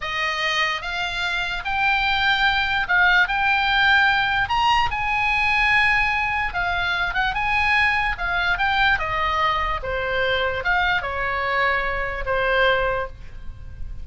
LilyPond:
\new Staff \with { instrumentName = "oboe" } { \time 4/4 \tempo 4 = 147 dis''2 f''2 | g''2. f''4 | g''2. ais''4 | gis''1 |
f''4. fis''8 gis''2 | f''4 g''4 dis''2 | c''2 f''4 cis''4~ | cis''2 c''2 | }